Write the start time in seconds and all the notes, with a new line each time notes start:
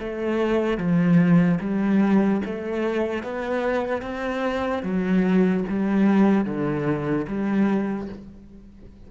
0.00 A3
0.78 F3
1.61 G3
2.45 A3
3.24 B3
4.02 C4
4.83 F#3
5.69 G3
6.45 D3
7.28 G3